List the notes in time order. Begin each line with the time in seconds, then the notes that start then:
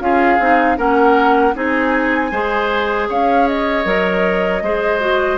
0.00 C#4 F4 G#4 F5
0.40 C4 D#4
0.77 A#3 C#4 A#4 F#5
1.54 C4 D#4 G#4 G#5
2.32 G#3 G#4 C5
3.09 C#4 C#5 F5
3.48 D#5
3.85 F#3 A#4
4.62 G#3 G#4 C5
5.01 F#4